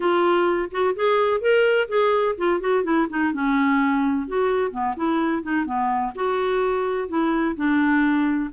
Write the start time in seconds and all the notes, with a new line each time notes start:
0.00 F4
0.71 F#4
0.95 G#4
1.40 A#4
1.88 G#4
2.37 F4
2.60 F#4
2.83 E4
3.09 D#4
3.33 C#4
4.27 F#4
4.71 B3
4.96 E4
5.42 D#4
5.65 B3
6.15 F#4
7.08 E4
7.56 D4